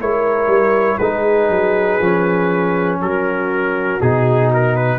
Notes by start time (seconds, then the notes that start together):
0.00 G#3 E4 A#4 C#5
0.47 G3
0.98 G#3 D#4 G#4 B4
1.50 F#3
2.00 F3 C#4
3.00 F#3 F#4 A#4
4.01 B2 D#4 G#4
4.54 A#4
4.76 B4